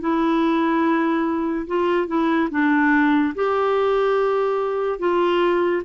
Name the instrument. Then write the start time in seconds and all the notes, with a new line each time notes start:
clarinet
0.00 E4
1.67 F4
2.08 E4
2.51 D4
3.35 G4
4.99 F4